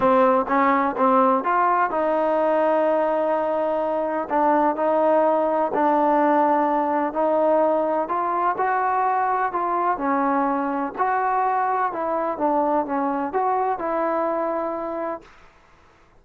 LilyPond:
\new Staff \with { instrumentName = "trombone" } { \time 4/4 \tempo 4 = 126 c'4 cis'4 c'4 f'4 | dis'1~ | dis'4 d'4 dis'2 | d'2. dis'4~ |
dis'4 f'4 fis'2 | f'4 cis'2 fis'4~ | fis'4 e'4 d'4 cis'4 | fis'4 e'2. | }